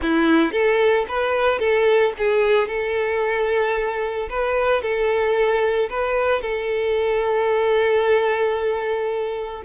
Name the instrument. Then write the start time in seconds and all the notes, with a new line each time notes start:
violin
0.01 E4
0.52 A4
1.08 B4
1.59 A4
2.17 G#4
2.68 A4
4.29 B4
4.81 A4
5.89 B4
6.41 A4